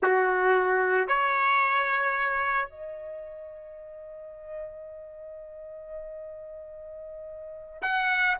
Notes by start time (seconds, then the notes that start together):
0.02 F#4
1.07 C#5
2.69 D#5
7.81 F#5